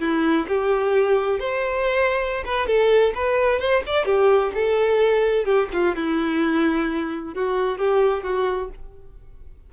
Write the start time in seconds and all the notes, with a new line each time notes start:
0.00 E4
0.48 G4
1.40 C5
2.45 B4
2.67 A4
3.15 B4
3.60 C5
3.87 D5
4.06 G4
4.55 A4
5.45 G4
5.73 F4
5.96 E4
7.35 F#4
7.78 G4
8.23 F#4